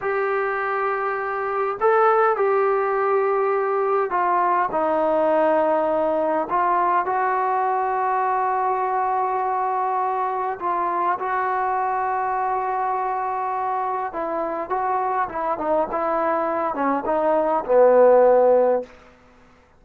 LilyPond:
\new Staff \with { instrumentName = "trombone" } { \time 4/4 \tempo 4 = 102 g'2. a'4 | g'2. f'4 | dis'2. f'4 | fis'1~ |
fis'2 f'4 fis'4~ | fis'1 | e'4 fis'4 e'8 dis'8 e'4~ | e'8 cis'8 dis'4 b2 | }